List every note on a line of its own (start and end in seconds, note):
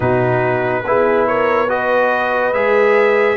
0.00 0.84 B2
0.00 0.84 D#4
0.00 0.83 F#4
0.00 1.27 B4
0.84 2.52 B3
0.84 1.68 E4
0.84 1.27 G#4
1.27 1.68 A#4
1.27 1.69 C#5
1.68 2.53 F#4
1.68 3.37 B4
1.68 2.53 D#5
2.52 3.37 G#3
2.52 3.37 G#4
2.52 3.37 E5